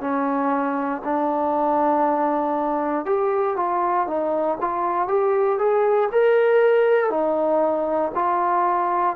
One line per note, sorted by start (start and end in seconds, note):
0.00 1.02 C#4
1.04 3.05 D4
3.05 3.56 G4
3.56 4.07 F4
4.07 4.58 D#4
4.60 5.08 F4
5.08 5.59 G4
5.59 6.10 G#4
6.12 7.10 A#4
7.10 8.12 D#4
8.14 9.16 F4